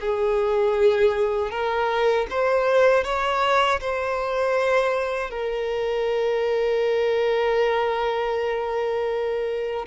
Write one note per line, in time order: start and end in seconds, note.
0.00 1.51 G#4
1.51 2.26 A#4
2.30 3.04 C5
3.04 3.80 C#5
3.80 5.30 C5
5.30 9.86 A#4